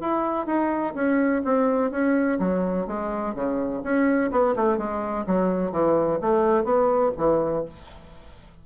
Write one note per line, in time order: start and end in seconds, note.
0.00 0.46 E4
0.46 0.94 D#4
0.95 1.42 C#4
1.44 1.91 C4
1.91 2.39 C#4
2.39 2.87 F#3
2.87 3.34 G#3
3.34 3.82 C#3
3.83 4.31 C#4
4.31 4.55 B3
4.56 4.78 A3
4.78 5.25 G#3
5.26 5.71 F#3
5.71 6.19 E3
6.21 6.64 A3
6.64 7.12 B3
7.17 7.65 E3